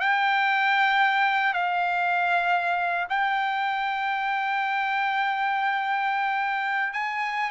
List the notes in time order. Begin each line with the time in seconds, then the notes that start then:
0.00 G5
1.53 F5
3.09 G5
6.93 G#5